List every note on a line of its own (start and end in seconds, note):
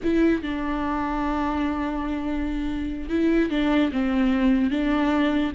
0.03 0.42 E4
0.42 3.09 D4
3.09 3.50 E4
3.50 3.91 D4
3.92 4.70 C4
4.70 5.52 D4